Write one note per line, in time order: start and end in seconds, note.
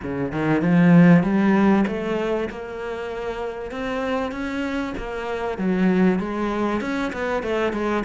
0.03 0.32 C#3
0.32 0.61 D#3
0.61 1.23 F3
1.23 1.84 G3
1.87 2.49 A3
2.49 3.71 A#3
3.71 4.31 C4
4.31 4.93 C#4
4.97 5.58 A#3
5.58 6.19 F#3
6.19 6.80 G#3
6.80 7.11 C#4
7.12 7.42 B3
7.42 7.72 A3
7.72 8.03 G#3